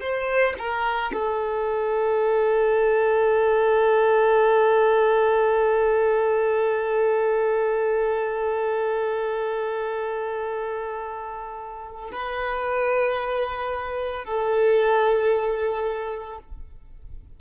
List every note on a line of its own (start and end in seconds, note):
0.00 0.54 C5
0.58 1.12 A#4
1.12 12.11 A4
12.12 14.25 B4
14.25 16.39 A4